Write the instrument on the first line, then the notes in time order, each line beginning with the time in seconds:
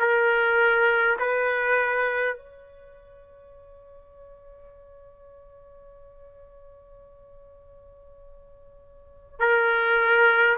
trumpet
0.00 A#4
1.19 B4
2.37 C#5
9.40 A#4